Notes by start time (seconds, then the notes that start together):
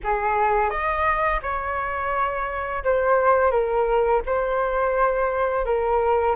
0.04 G#4
0.70 D#5
1.42 C#5
2.84 C5
3.51 A#4
4.26 C5
5.65 A#4